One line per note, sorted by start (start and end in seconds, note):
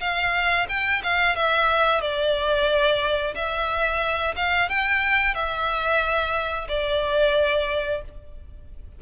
0.00 0.67 F5
0.69 1.02 G5
1.03 1.35 F5
1.35 2.01 E5
2.01 3.34 D5
3.35 4.35 E5
4.36 4.69 F5
4.69 5.35 G5
5.35 6.68 E5
6.68 8.02 D5